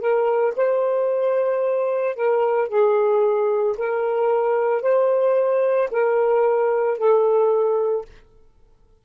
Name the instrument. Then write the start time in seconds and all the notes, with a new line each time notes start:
saxophone
0.00 A#4
0.56 C5
2.16 A#4
2.69 G#4
3.78 A#4
4.82 C5
5.91 A#4
6.98 A4